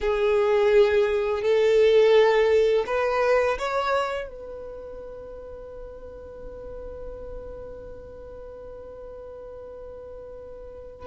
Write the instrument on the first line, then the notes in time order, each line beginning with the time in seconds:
violin
0.01 G#4
1.42 A4
2.86 B4
3.58 C#5
4.28 B4